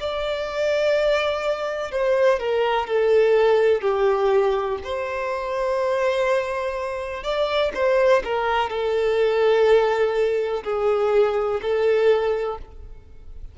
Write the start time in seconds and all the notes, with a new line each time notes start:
0.00 D5
1.91 C5
2.40 A#4
2.87 A4
3.81 G4
4.84 C5
7.24 D5
7.74 C5
8.24 A#4
8.70 A4
10.64 G#4
11.62 A4